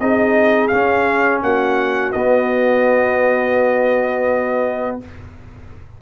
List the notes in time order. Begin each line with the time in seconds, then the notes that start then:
0.00 C4 D#4 G#4 D#5
0.68 C#4 F5
1.42 A#3 F#4 F#5
2.12 B3 D#5